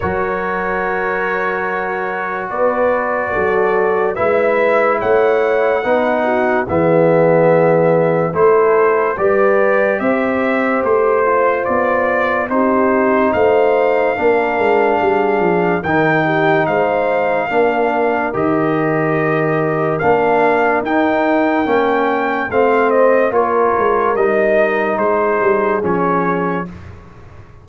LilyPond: <<
  \new Staff \with { instrumentName = "trumpet" } { \time 4/4 \tempo 4 = 72 cis''2. d''4~ | d''4 e''4 fis''2 | e''2 c''4 d''4 | e''4 c''4 d''4 c''4 |
f''2. g''4 | f''2 dis''2 | f''4 g''2 f''8 dis''8 | cis''4 dis''4 c''4 cis''4 | }
  \new Staff \with { instrumentName = "horn" } { \time 4/4 ais'2. b'4 | a'4 b'4 cis''4 b'8 fis'8 | gis'2 a'4 b'4 | c''2. g'4 |
c''4 ais'4 gis'4 ais'8 g'8 | c''4 ais'2.~ | ais'2. c''4 | ais'2 gis'2 | }
  \new Staff \with { instrumentName = "trombone" } { \time 4/4 fis'1~ | fis'4 e'2 dis'4 | b2 e'4 g'4~ | g'4. f'4. dis'4~ |
dis'4 d'2 dis'4~ | dis'4 d'4 g'2 | d'4 dis'4 cis'4 c'4 | f'4 dis'2 cis'4 | }
  \new Staff \with { instrumentName = "tuba" } { \time 4/4 fis2. b4 | fis4 gis4 a4 b4 | e2 a4 g4 | c'4 a4 b4 c'4 |
a4 ais8 gis8 g8 f8 dis4 | gis4 ais4 dis2 | ais4 dis'4 ais4 a4 | ais8 gis8 g4 gis8 g8 f4 | }
>>